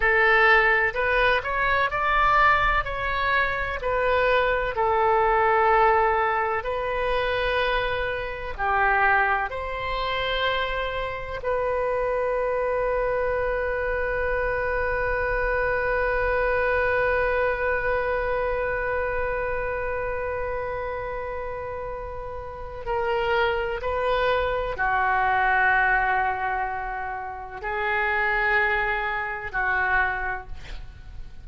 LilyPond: \new Staff \with { instrumentName = "oboe" } { \time 4/4 \tempo 4 = 63 a'4 b'8 cis''8 d''4 cis''4 | b'4 a'2 b'4~ | b'4 g'4 c''2 | b'1~ |
b'1~ | b'1 | ais'4 b'4 fis'2~ | fis'4 gis'2 fis'4 | }